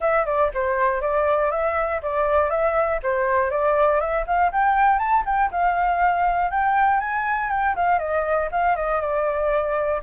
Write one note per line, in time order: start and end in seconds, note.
0.00 0.25 E5
0.25 0.50 D5
0.54 1.01 C5
1.01 1.51 D5
1.51 2.01 E5
2.02 2.50 D5
2.50 3.00 E5
3.02 3.50 C5
3.50 4.00 D5
4.00 4.25 E5
4.26 4.51 F5
4.51 4.98 G5
4.98 5.23 A5
5.25 5.50 G5
5.51 6.50 F5
6.50 7.00 G5
7.00 7.50 G#5
7.50 7.75 G5
7.75 7.98 F5
7.98 8.48 D#5
8.51 8.75 F5
8.75 9.00 D#5
9.00 10.00 D5